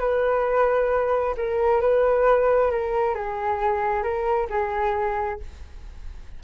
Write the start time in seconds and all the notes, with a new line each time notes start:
0.00 B4
1.37 A#4
1.81 B4
2.71 A#4
3.15 G#4
4.03 A#4
4.50 G#4